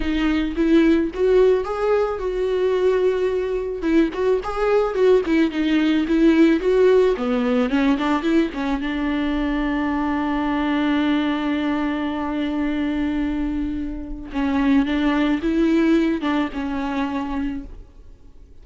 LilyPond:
\new Staff \with { instrumentName = "viola" } { \time 4/4 \tempo 4 = 109 dis'4 e'4 fis'4 gis'4 | fis'2. e'8 fis'8 | gis'4 fis'8 e'8 dis'4 e'4 | fis'4 b4 cis'8 d'8 e'8 cis'8 |
d'1~ | d'1~ | d'2 cis'4 d'4 | e'4. d'8 cis'2 | }